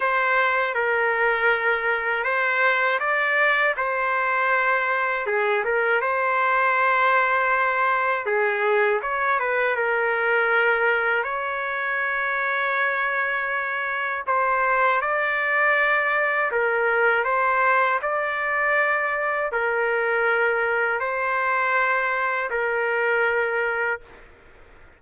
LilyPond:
\new Staff \with { instrumentName = "trumpet" } { \time 4/4 \tempo 4 = 80 c''4 ais'2 c''4 | d''4 c''2 gis'8 ais'8 | c''2. gis'4 | cis''8 b'8 ais'2 cis''4~ |
cis''2. c''4 | d''2 ais'4 c''4 | d''2 ais'2 | c''2 ais'2 | }